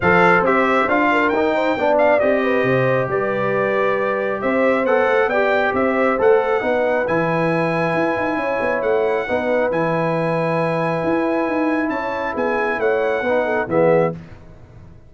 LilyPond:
<<
  \new Staff \with { instrumentName = "trumpet" } { \time 4/4 \tempo 4 = 136 f''4 e''4 f''4 g''4~ | g''8 f''8 dis''2 d''4~ | d''2 e''4 fis''4 | g''4 e''4 fis''2 |
gis''1 | fis''2 gis''2~ | gis''2. a''4 | gis''4 fis''2 e''4 | }
  \new Staff \with { instrumentName = "horn" } { \time 4/4 c''2~ c''8 ais'4 c''8 | d''4. b'8 c''4 b'4~ | b'2 c''2 | d''4 c''2 b'4~ |
b'2. cis''4~ | cis''4 b'2.~ | b'2. cis''4 | gis'4 cis''4 b'8 a'8 gis'4 | }
  \new Staff \with { instrumentName = "trombone" } { \time 4/4 a'4 g'4 f'4 dis'4 | d'4 g'2.~ | g'2. a'4 | g'2 a'4 dis'4 |
e'1~ | e'4 dis'4 e'2~ | e'1~ | e'2 dis'4 b4 | }
  \new Staff \with { instrumentName = "tuba" } { \time 4/4 f4 c'4 d'4 dis'4 | b4 c'4 c4 g4~ | g2 c'4 b8 a8 | b4 c'4 a4 b4 |
e2 e'8 dis'8 cis'8 b8 | a4 b4 e2~ | e4 e'4 dis'4 cis'4 | b4 a4 b4 e4 | }
>>